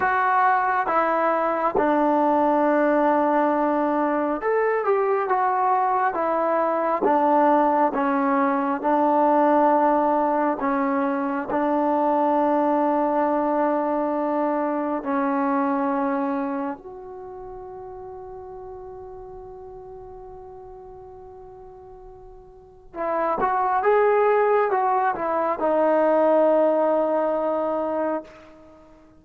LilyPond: \new Staff \with { instrumentName = "trombone" } { \time 4/4 \tempo 4 = 68 fis'4 e'4 d'2~ | d'4 a'8 g'8 fis'4 e'4 | d'4 cis'4 d'2 | cis'4 d'2.~ |
d'4 cis'2 fis'4~ | fis'1~ | fis'2 e'8 fis'8 gis'4 | fis'8 e'8 dis'2. | }